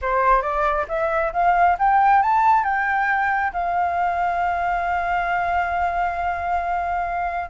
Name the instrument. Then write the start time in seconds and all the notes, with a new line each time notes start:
flute
0.01 C5
0.42 D5
0.88 E5
1.33 F5
1.78 G5
2.22 A5
2.64 G5
3.53 F5